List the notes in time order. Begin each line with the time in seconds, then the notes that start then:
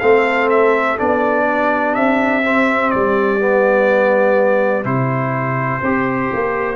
0.00 A3 C4 A4 F5
0.49 E5
0.98 B3 D4 D5
1.45 G4
1.95 C4 E5
2.44 C4
2.91 G3 D5
3.40 B3
4.84 C3 E4 C5
5.82 C4 G4
6.33 A#3